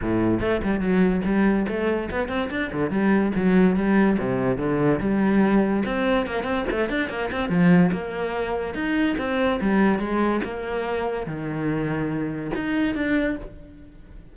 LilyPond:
\new Staff \with { instrumentName = "cello" } { \time 4/4 \tempo 4 = 144 a,4 a8 g8 fis4 g4 | a4 b8 c'8 d'8 d8 g4 | fis4 g4 c4 d4 | g2 c'4 ais8 c'8 |
a8 d'8 ais8 c'8 f4 ais4~ | ais4 dis'4 c'4 g4 | gis4 ais2 dis4~ | dis2 dis'4 d'4 | }